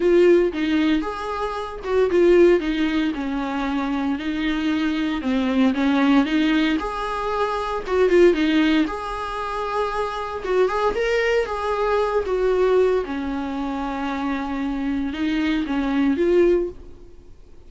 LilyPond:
\new Staff \with { instrumentName = "viola" } { \time 4/4 \tempo 4 = 115 f'4 dis'4 gis'4. fis'8 | f'4 dis'4 cis'2 | dis'2 c'4 cis'4 | dis'4 gis'2 fis'8 f'8 |
dis'4 gis'2. | fis'8 gis'8 ais'4 gis'4. fis'8~ | fis'4 cis'2.~ | cis'4 dis'4 cis'4 f'4 | }